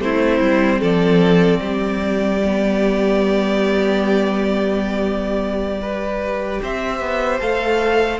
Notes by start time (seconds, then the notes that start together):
0.00 A3 C4 E4 C5
0.41 G3
0.80 F3 A4 D5
1.60 G3 G4
2.45 B3
5.81 G4 B4
6.62 C4 C5 E5
7.00 B3
7.41 A3 A4 F5